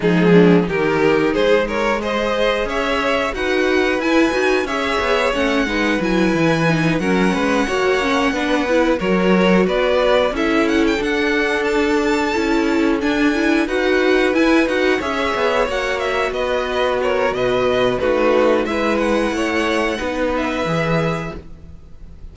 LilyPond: <<
  \new Staff \with { instrumentName = "violin" } { \time 4/4 \tempo 4 = 90 gis'4 ais'4 c''8 cis''8 dis''4 | e''4 fis''4 gis''4 e''4 | fis''4 gis''4. fis''4.~ | fis''4. cis''4 d''4 e''8 |
fis''16 g''16 fis''4 a''2 gis''8~ | gis''8 fis''4 gis''8 fis''8 e''4 fis''8 | e''8 dis''4 cis''8 dis''4 b'4 | e''8 fis''2 e''4. | }
  \new Staff \with { instrumentName = "violin" } { \time 4/4 dis'8 d'8 g'4 gis'8 ais'8 c''4 | cis''4 b'2 cis''4~ | cis''8 b'2 ais'8 b'8 cis''8~ | cis''8 b'4 ais'4 b'4 a'8~ |
a'1~ | a'8 b'2 cis''4.~ | cis''8 b'4 ais'8 b'4 fis'4 | b'4 cis''4 b'2 | }
  \new Staff \with { instrumentName = "viola" } { \time 4/4 gis4 dis'2 gis'4~ | gis'4 fis'4 e'8 fis'8 gis'4 | cis'8 dis'8 e'4 dis'8 cis'4 fis'8 | cis'8 d'8 e'8 fis'2 e'8~ |
e'8 d'2 e'4 d'8 | e'8 fis'4 e'8 fis'8 gis'4 fis'8~ | fis'2. dis'4 | e'2 dis'4 gis'4 | }
  \new Staff \with { instrumentName = "cello" } { \time 4/4 f4 dis4 gis2 | cis'4 dis'4 e'8 dis'8 cis'8 b8 | a8 gis8 fis8 e4 fis8 gis8 ais8~ | ais8 b4 fis4 b4 cis'8~ |
cis'8 d'2 cis'4 d'8~ | d'8 dis'4 e'8 dis'8 cis'8 b8 ais8~ | ais8 b4. b,4 a4 | gis4 a4 b4 e4 | }
>>